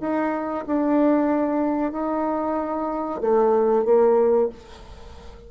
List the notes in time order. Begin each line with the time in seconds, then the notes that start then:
0.00 D#4
0.67 D4
1.92 D#4
3.21 A3
3.85 A#3